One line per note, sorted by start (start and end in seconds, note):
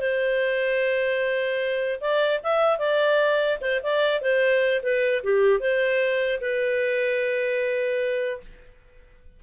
0.00 2.00 C5
2.01 2.41 D5
2.44 2.79 E5
2.79 3.59 D5
3.61 3.81 C5
3.83 4.22 D5
4.22 4.82 C5
4.83 5.23 B4
5.24 5.60 G4
5.60 6.40 C5
6.41 8.41 B4